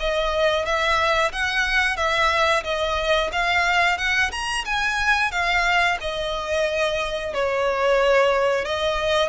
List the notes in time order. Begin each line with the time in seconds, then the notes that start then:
0.00 D#5
0.65 E5
1.32 F#5
1.97 E5
2.64 D#5
3.32 F5
3.98 F#5
4.32 A#5
4.65 G#5
5.32 F5
6.01 D#5
7.34 C#5
8.65 D#5